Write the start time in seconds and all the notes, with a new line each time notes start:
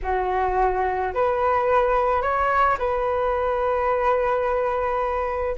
0.02 F#4
1.13 B4
2.22 C#5
2.78 B4